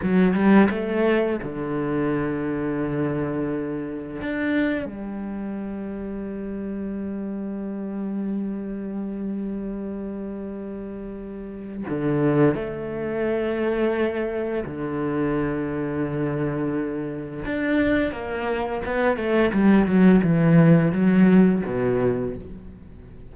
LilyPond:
\new Staff \with { instrumentName = "cello" } { \time 4/4 \tempo 4 = 86 fis8 g8 a4 d2~ | d2 d'4 g4~ | g1~ | g1~ |
g4 d4 a2~ | a4 d2.~ | d4 d'4 ais4 b8 a8 | g8 fis8 e4 fis4 b,4 | }